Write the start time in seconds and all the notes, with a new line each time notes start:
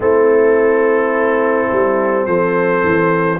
0.00 A3 C4 E4 A4
1.71 G3
2.26 F3 A4 C5
2.83 E3